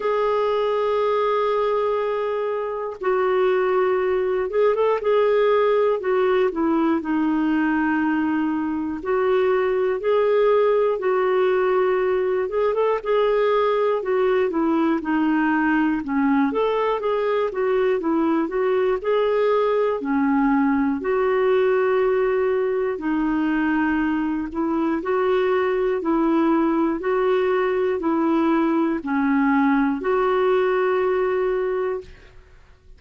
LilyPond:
\new Staff \with { instrumentName = "clarinet" } { \time 4/4 \tempo 4 = 60 gis'2. fis'4~ | fis'8 gis'16 a'16 gis'4 fis'8 e'8 dis'4~ | dis'4 fis'4 gis'4 fis'4~ | fis'8 gis'16 a'16 gis'4 fis'8 e'8 dis'4 |
cis'8 a'8 gis'8 fis'8 e'8 fis'8 gis'4 | cis'4 fis'2 dis'4~ | dis'8 e'8 fis'4 e'4 fis'4 | e'4 cis'4 fis'2 | }